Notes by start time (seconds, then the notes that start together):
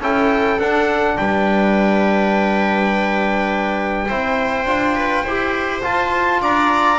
0.00 C#4 E4 A4 G5
0.59 D4 F#5
1.17 G3 B4 G5
4.09 C4 E4 C5
4.65 D4 F4
4.95 B4
5.24 E4 G4 C5
5.82 F4 A5
6.41 D4 D5 A#5